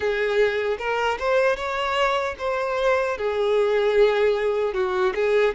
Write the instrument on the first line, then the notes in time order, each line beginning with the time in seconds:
violin
0.00 G#4
0.78 A#4
1.19 C5
1.56 C#5
2.38 C5
3.17 G#4
4.73 F#4
5.15 G#4